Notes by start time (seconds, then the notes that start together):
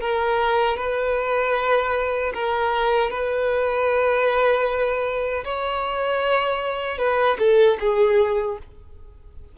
0.00 A#4
0.77 B4
2.34 A#4
3.10 B4
5.44 C#5
6.98 B4
7.38 A4
7.80 G#4